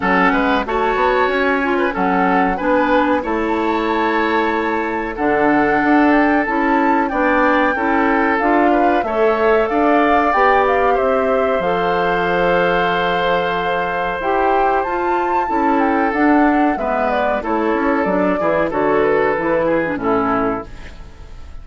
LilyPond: <<
  \new Staff \with { instrumentName = "flute" } { \time 4/4 \tempo 4 = 93 fis''4 a''4 gis''4 fis''4 | gis''4 a''2. | fis''4. g''8 a''4 g''4~ | g''4 f''4 e''4 f''4 |
g''8 f''8 e''4 f''2~ | f''2 g''4 a''4~ | a''8 g''8 fis''4 e''8 d''8 cis''4 | d''4 cis''8 b'4. a'4 | }
  \new Staff \with { instrumentName = "oboe" } { \time 4/4 a'8 b'8 cis''4.~ cis''16 b'16 a'4 | b'4 cis''2. | a'2. d''4 | a'4. b'8 cis''4 d''4~ |
d''4 c''2.~ | c''1 | a'2 b'4 a'4~ | a'8 gis'8 a'4. gis'8 e'4 | }
  \new Staff \with { instrumentName = "clarinet" } { \time 4/4 cis'4 fis'4. f'8 cis'4 | d'4 e'2. | d'2 e'4 d'4 | e'4 f'4 a'2 |
g'2 a'2~ | a'2 g'4 f'4 | e'4 d'4 b4 e'4 | d'8 e'8 fis'4 e'8. d'16 cis'4 | }
  \new Staff \with { instrumentName = "bassoon" } { \time 4/4 fis8 gis8 a8 b8 cis'4 fis4 | b4 a2. | d4 d'4 cis'4 b4 | cis'4 d'4 a4 d'4 |
b4 c'4 f2~ | f2 e'4 f'4 | cis'4 d'4 gis4 a8 cis'8 | fis8 e8 d4 e4 a,4 | }
>>